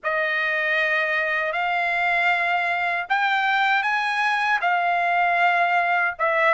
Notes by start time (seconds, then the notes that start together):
0.03 D#5
1.52 F5
3.09 G5
3.82 G#5
4.61 F5
6.19 E5